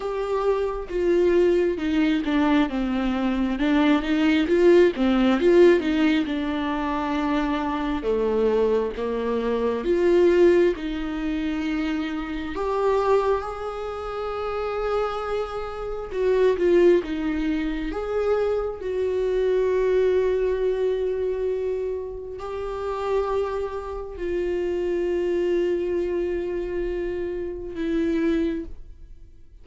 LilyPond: \new Staff \with { instrumentName = "viola" } { \time 4/4 \tempo 4 = 67 g'4 f'4 dis'8 d'8 c'4 | d'8 dis'8 f'8 c'8 f'8 dis'8 d'4~ | d'4 a4 ais4 f'4 | dis'2 g'4 gis'4~ |
gis'2 fis'8 f'8 dis'4 | gis'4 fis'2.~ | fis'4 g'2 f'4~ | f'2. e'4 | }